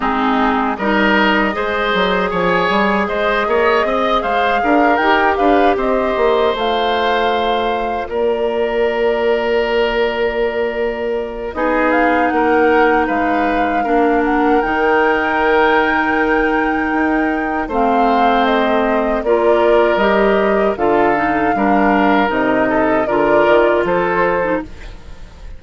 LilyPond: <<
  \new Staff \with { instrumentName = "flute" } { \time 4/4 \tempo 4 = 78 gis'4 dis''2 gis''4 | dis''4. f''4 g''8 f''8 dis''8~ | dis''8 f''2 d''4.~ | d''2. dis''8 f''8 |
fis''4 f''4. fis''8 g''4~ | g''2. f''4 | dis''4 d''4 dis''4 f''4~ | f''4 dis''4 d''4 c''4 | }
  \new Staff \with { instrumentName = "oboe" } { \time 4/4 dis'4 ais'4 c''4 cis''4 | c''8 cis''8 dis''8 c''8 ais'4 b'8 c''8~ | c''2~ c''8 ais'4.~ | ais'2. gis'4 |
ais'4 b'4 ais'2~ | ais'2. c''4~ | c''4 ais'2 a'4 | ais'4. a'8 ais'4 a'4 | }
  \new Staff \with { instrumentName = "clarinet" } { \time 4/4 c'4 dis'4 gis'2~ | gis'2~ gis'8 g'4.~ | g'8 f'2.~ f'8~ | f'2. dis'4~ |
dis'2 d'4 dis'4~ | dis'2. c'4~ | c'4 f'4 g'4 f'8 dis'8 | d'4 dis'4 f'4.~ f'16 dis'16 | }
  \new Staff \with { instrumentName = "bassoon" } { \time 4/4 gis4 g4 gis8 fis8 f8 g8 | gis8 ais8 c'8 gis8 d'8 dis'8 d'8 c'8 | ais8 a2 ais4.~ | ais2. b4 |
ais4 gis4 ais4 dis4~ | dis2 dis'4 a4~ | a4 ais4 g4 d4 | g4 c4 d8 dis8 f4 | }
>>